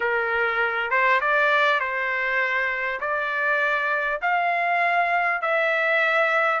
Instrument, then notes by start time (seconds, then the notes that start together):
trumpet
0.00 A#4
0.90 C5
1.21 D5
1.80 C5
3.00 D5
4.21 F5
5.41 E5